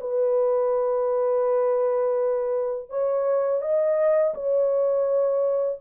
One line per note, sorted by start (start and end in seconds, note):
0.00 2.89 B4
2.89 3.61 C#5
3.61 4.33 D#5
4.34 5.79 C#5